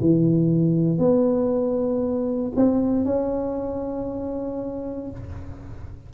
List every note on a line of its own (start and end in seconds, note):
0.00 0.98 E3
0.98 2.52 B3
2.56 3.05 C4
3.05 5.10 C#4